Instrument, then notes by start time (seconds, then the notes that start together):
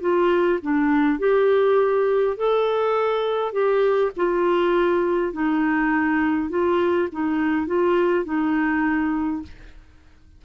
clarinet
0.00 F4
0.62 D4
1.19 G4
2.37 A4
3.52 G4
4.16 F4
5.33 D#4
6.49 F4
7.11 D#4
7.67 F4
8.24 D#4